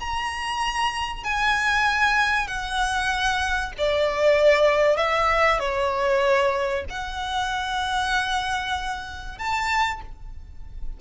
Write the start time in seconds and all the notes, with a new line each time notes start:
0.00 A#5
1.24 G#5
2.48 F#5
3.78 D5
4.97 E5
5.60 C#5
6.90 F#5
9.38 A5